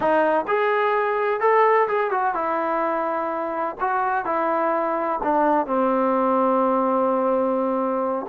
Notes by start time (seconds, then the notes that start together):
0.00 D#4
0.47 G#4
1.40 A4
1.88 G#4
2.10 F#4
2.34 E4
3.80 F#4
4.25 E4
5.23 D4
5.66 C4